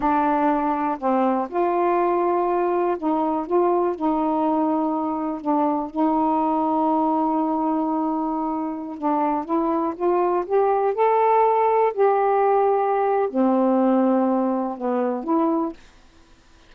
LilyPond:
\new Staff \with { instrumentName = "saxophone" } { \time 4/4 \tempo 4 = 122 d'2 c'4 f'4~ | f'2 dis'4 f'4 | dis'2. d'4 | dis'1~ |
dis'2~ dis'16 d'4 e'8.~ | e'16 f'4 g'4 a'4.~ a'16~ | a'16 g'2~ g'8. c'4~ | c'2 b4 e'4 | }